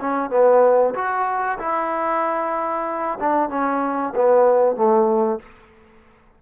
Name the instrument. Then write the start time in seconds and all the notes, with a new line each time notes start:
trombone
0.00 C#4
0.30 B3
0.95 F#4
1.59 E4
3.20 D4
3.50 C#4
4.15 B3
4.76 A3